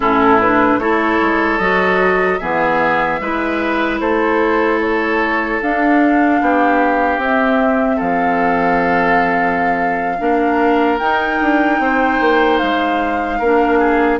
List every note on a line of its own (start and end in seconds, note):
0.00 0.78 A2
0.00 0.40 C#4
0.00 0.79 E4
0.00 0.40 A4
0.40 0.80 D4
0.40 0.79 B4
0.78 1.18 A3
0.78 1.60 E4
0.78 2.40 A4
0.78 1.58 C#5
1.21 1.59 G#3
1.58 2.39 F#3
1.58 2.40 F#4
1.58 2.38 D#5
2.38 3.20 E3
2.38 3.20 B3
2.38 3.20 G#4
2.38 3.98 E5
3.20 4.00 G#3
3.20 5.61 E4
3.20 4.00 B4
3.99 5.60 A3
3.99 6.40 A4
3.99 4.79 C5
4.80 5.60 C#5
5.61 6.41 D4
5.61 7.21 D4
5.61 7.22 F5
6.41 7.17 B3
6.41 7.96 G4
7.17 7.97 C4
7.17 10.18 C4
7.17 7.99 E5
7.96 10.20 F3
7.96 10.16 A4
7.96 10.98 F5
10.18 11.00 A#3
10.18 10.98 D4
10.18 11.81 A#4
10.98 11.40 D#4
10.98 13.41 D#4
10.98 12.58 G5
11.40 11.79 D4
11.79 12.19 C4
11.79 13.39 C5
12.20 12.60 A#3
12.58 13.39 G#3
12.58 14.18 F5
13.39 14.19 A#3
13.39 14.20 D4
13.39 13.79 A#4
13.79 14.19 G#4